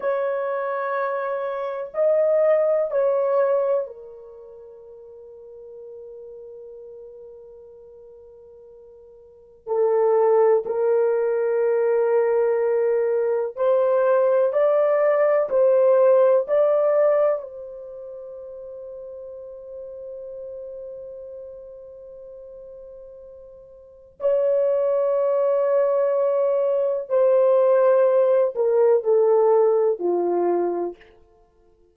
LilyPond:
\new Staff \with { instrumentName = "horn" } { \time 4/4 \tempo 4 = 62 cis''2 dis''4 cis''4 | ais'1~ | ais'2 a'4 ais'4~ | ais'2 c''4 d''4 |
c''4 d''4 c''2~ | c''1~ | c''4 cis''2. | c''4. ais'8 a'4 f'4 | }